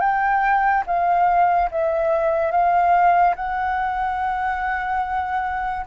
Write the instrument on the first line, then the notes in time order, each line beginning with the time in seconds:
flute
0.00 G5
0.86 F5
1.71 E5
2.51 F5
3.36 F#5